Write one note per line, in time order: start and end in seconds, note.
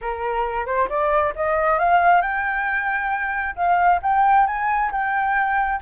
0.01 0.66 A#4
0.66 0.88 C5
0.89 1.33 D5
1.35 1.79 D#5
1.79 2.21 F5
2.21 3.55 G5
3.55 4.00 F5
4.02 4.46 G5
4.46 4.91 G#5
4.91 5.80 G5